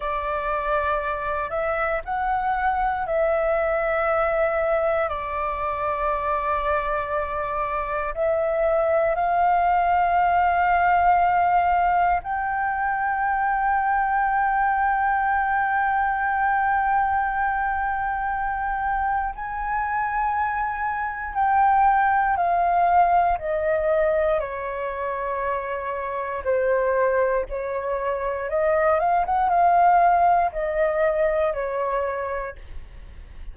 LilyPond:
\new Staff \with { instrumentName = "flute" } { \time 4/4 \tempo 4 = 59 d''4. e''8 fis''4 e''4~ | e''4 d''2. | e''4 f''2. | g''1~ |
g''2. gis''4~ | gis''4 g''4 f''4 dis''4 | cis''2 c''4 cis''4 | dis''8 f''16 fis''16 f''4 dis''4 cis''4 | }